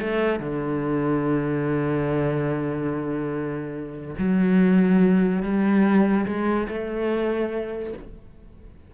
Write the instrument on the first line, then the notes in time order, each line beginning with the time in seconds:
cello
0.00 A3
0.40 D3
4.18 F#3
5.42 G3
6.26 G#3
6.68 A3